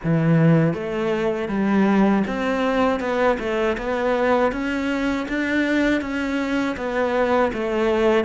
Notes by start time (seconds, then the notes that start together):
0.03 E3
0.73 A3
1.48 G3
2.27 C4
3.00 B3
3.39 A3
3.77 B3
4.52 C#4
5.28 D4
6.01 C#4
6.76 B3
7.53 A3